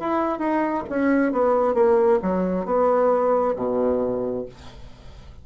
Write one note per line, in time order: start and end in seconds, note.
0.00 0.39 E4
0.39 0.84 D#4
0.90 1.32 C#4
1.32 1.75 B3
1.75 2.19 A#3
2.23 2.66 F#3
2.66 3.55 B3
3.56 4.46 B2